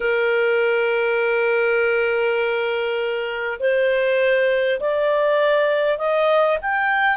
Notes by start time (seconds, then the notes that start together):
0.00 A#4
3.59 C5
4.79 D5
5.98 D#5
6.61 G5